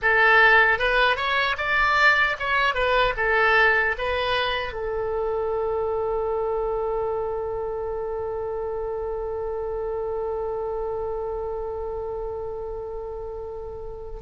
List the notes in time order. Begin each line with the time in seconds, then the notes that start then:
0.02 A4
0.78 B4
1.16 C#5
1.57 D5
2.39 C#5
2.74 B4
3.16 A4
3.98 B4
4.73 A4